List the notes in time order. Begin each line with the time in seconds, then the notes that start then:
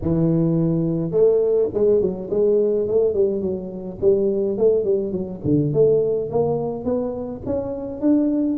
0.01 E3
1.11 A3
1.73 G#3
2.01 F#3
2.30 G#3
2.87 A3
3.14 G3
3.41 F#3
4.01 G3
4.57 A3
4.84 G3
5.11 F#3
5.44 D3
5.73 A3
6.30 A#3
6.84 B3
7.45 C#4
8.00 D4